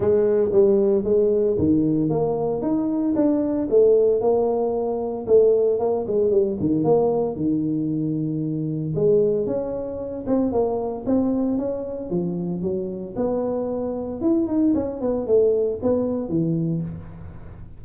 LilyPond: \new Staff \with { instrumentName = "tuba" } { \time 4/4 \tempo 4 = 114 gis4 g4 gis4 dis4 | ais4 dis'4 d'4 a4 | ais2 a4 ais8 gis8 | g8 dis8 ais4 dis2~ |
dis4 gis4 cis'4. c'8 | ais4 c'4 cis'4 f4 | fis4 b2 e'8 dis'8 | cis'8 b8 a4 b4 e4 | }